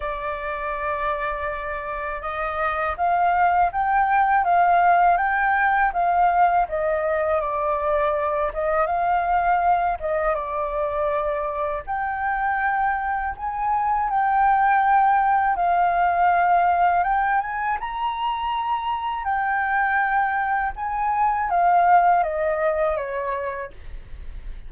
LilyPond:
\new Staff \with { instrumentName = "flute" } { \time 4/4 \tempo 4 = 81 d''2. dis''4 | f''4 g''4 f''4 g''4 | f''4 dis''4 d''4. dis''8 | f''4. dis''8 d''2 |
g''2 gis''4 g''4~ | g''4 f''2 g''8 gis''8 | ais''2 g''2 | gis''4 f''4 dis''4 cis''4 | }